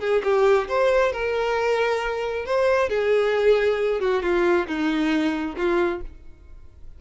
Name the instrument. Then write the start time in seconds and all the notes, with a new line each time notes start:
violin
0.00 G#4
0.24 G4
0.69 C5
1.13 A#4
2.46 C5
2.90 G#4
4.01 F#4
4.23 F4
4.68 D#4
5.57 F4